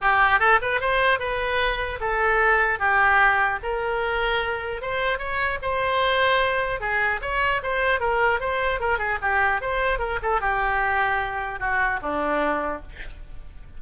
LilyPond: \new Staff \with { instrumentName = "oboe" } { \time 4/4 \tempo 4 = 150 g'4 a'8 b'8 c''4 b'4~ | b'4 a'2 g'4~ | g'4 ais'2. | c''4 cis''4 c''2~ |
c''4 gis'4 cis''4 c''4 | ais'4 c''4 ais'8 gis'8 g'4 | c''4 ais'8 a'8 g'2~ | g'4 fis'4 d'2 | }